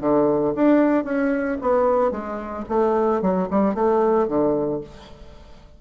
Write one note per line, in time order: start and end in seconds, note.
0.00 0.53 D3
0.55 1.04 D4
1.04 1.57 C#4
1.61 2.11 B3
2.11 2.64 G#3
2.68 3.21 A3
3.21 3.48 F#3
3.50 3.74 G3
3.74 4.27 A3
4.28 4.81 D3